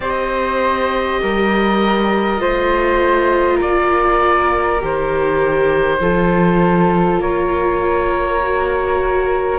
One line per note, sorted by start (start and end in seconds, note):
0.00 1.18 C4
0.00 2.37 G4
0.00 1.21 C5
0.00 3.59 D#5
1.22 2.40 G3
1.22 2.41 A#4
2.37 3.60 A3
2.37 4.77 F4
2.37 3.56 C5
3.56 4.82 A#3
3.56 5.96 A#4
3.56 4.81 D5
4.79 6.00 D#3
4.79 6.00 G4
4.79 7.21 C5
6.00 7.19 F3
6.00 8.40 F4
6.00 7.20 A4
7.19 9.59 A#3
7.19 9.59 A#4
7.19 9.59 C#5
8.42 9.59 F#4